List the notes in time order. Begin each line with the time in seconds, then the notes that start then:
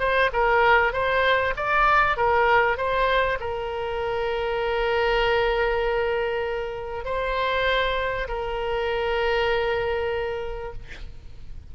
0.00 C5
0.33 A#4
0.93 C5
1.57 D5
2.17 A#4
2.77 C5
3.40 A#4
7.05 C5
8.28 A#4